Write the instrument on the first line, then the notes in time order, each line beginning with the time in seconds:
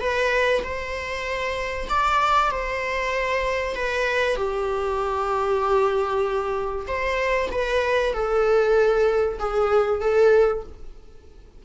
viola
0.00 B4
0.63 C5
1.89 D5
2.51 C5
3.76 B4
4.36 G4
6.88 C5
7.51 B4
8.13 A4
9.39 G#4
10.01 A4